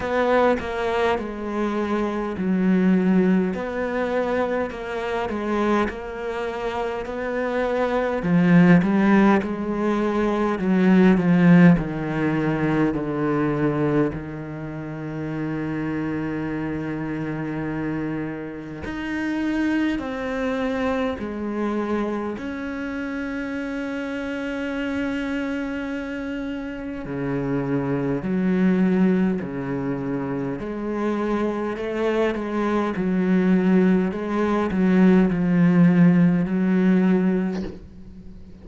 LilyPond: \new Staff \with { instrumentName = "cello" } { \time 4/4 \tempo 4 = 51 b8 ais8 gis4 fis4 b4 | ais8 gis8 ais4 b4 f8 g8 | gis4 fis8 f8 dis4 d4 | dis1 |
dis'4 c'4 gis4 cis'4~ | cis'2. cis4 | fis4 cis4 gis4 a8 gis8 | fis4 gis8 fis8 f4 fis4 | }